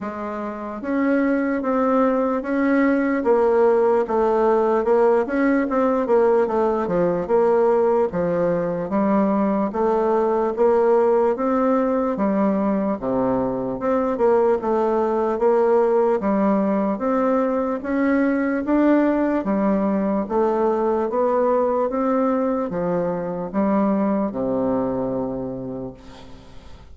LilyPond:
\new Staff \with { instrumentName = "bassoon" } { \time 4/4 \tempo 4 = 74 gis4 cis'4 c'4 cis'4 | ais4 a4 ais8 cis'8 c'8 ais8 | a8 f8 ais4 f4 g4 | a4 ais4 c'4 g4 |
c4 c'8 ais8 a4 ais4 | g4 c'4 cis'4 d'4 | g4 a4 b4 c'4 | f4 g4 c2 | }